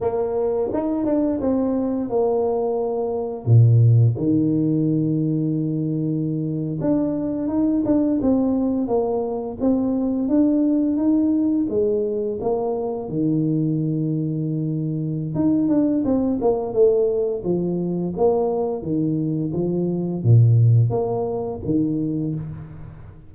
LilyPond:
\new Staff \with { instrumentName = "tuba" } { \time 4/4 \tempo 4 = 86 ais4 dis'8 d'8 c'4 ais4~ | ais4 ais,4 dis2~ | dis4.~ dis16 d'4 dis'8 d'8 c'16~ | c'8. ais4 c'4 d'4 dis'16~ |
dis'8. gis4 ais4 dis4~ dis16~ | dis2 dis'8 d'8 c'8 ais8 | a4 f4 ais4 dis4 | f4 ais,4 ais4 dis4 | }